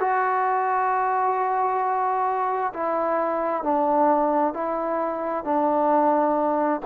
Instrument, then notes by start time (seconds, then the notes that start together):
trombone
0.00 F#4
2.73 E4
3.63 D4
4.53 E4
5.44 D4